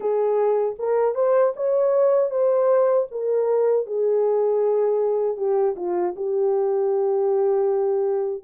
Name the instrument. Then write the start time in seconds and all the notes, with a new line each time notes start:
horn
0.00 G#4
0.79 A#4
1.15 C5
1.56 C#5
2.30 C5
3.11 A#4
3.86 G#4
5.36 G4
5.76 F4
6.15 G4